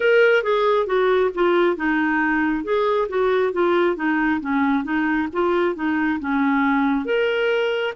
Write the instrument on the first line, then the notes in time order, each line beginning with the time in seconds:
clarinet
0.00 A#4
0.43 G#4
0.86 F#4
1.34 F4
1.76 D#4
2.64 G#4
3.08 F#4
3.53 F4
3.96 D#4
4.40 C#4
4.84 D#4
5.32 F4
5.75 D#4
6.20 C#4
7.05 A#4